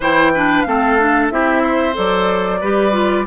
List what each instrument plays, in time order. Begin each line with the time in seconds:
0.00 bassoon E3, clarinet E4, oboe C5, flute G5
0.34 clarinet D4, oboe B4
0.62 bassoon A3, clarinet C4, oboe A4, flute F5
0.98 clarinet D4
1.30 bassoon C4, clarinet E4, oboe G4, flute E5
1.62 oboe C5
1.93 bassoon F#3, clarinet A4, flute D5
2.60 bassoon G3, clarinet G4, oboe B4
2.92 clarinet F4